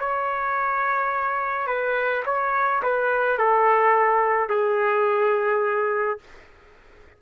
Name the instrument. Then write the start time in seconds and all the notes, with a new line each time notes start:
trumpet
0.00 C#5
1.68 B4
2.26 C#5
2.83 B4
3.39 A4
4.50 G#4